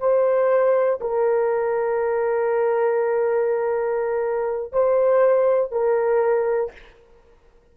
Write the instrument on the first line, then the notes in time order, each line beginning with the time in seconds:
horn
0.00 C5
1.01 A#4
4.73 C5
5.72 A#4